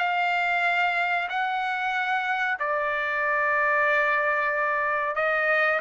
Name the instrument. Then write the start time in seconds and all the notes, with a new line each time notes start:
trumpet
0.00 F5
1.29 F#5
2.60 D5
5.16 D#5